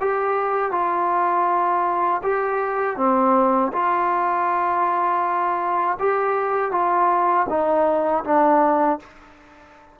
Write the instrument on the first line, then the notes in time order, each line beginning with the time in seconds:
trombone
0.00 G4
0.71 F4
2.23 G4
2.97 C4
3.73 F4
5.99 G4
6.71 F4
7.49 D#4
8.24 D4